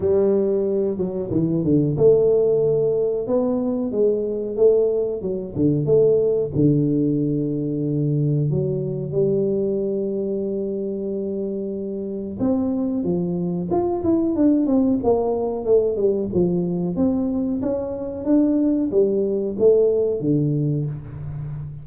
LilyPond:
\new Staff \with { instrumentName = "tuba" } { \time 4/4 \tempo 4 = 92 g4. fis8 e8 d8 a4~ | a4 b4 gis4 a4 | fis8 d8 a4 d2~ | d4 fis4 g2~ |
g2. c'4 | f4 f'8 e'8 d'8 c'8 ais4 | a8 g8 f4 c'4 cis'4 | d'4 g4 a4 d4 | }